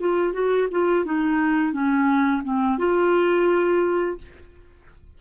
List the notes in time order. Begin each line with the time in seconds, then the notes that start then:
0.00 F4
0.33 F#4
0.71 F4
1.06 D#4
1.73 C#4
2.44 C4
2.79 F4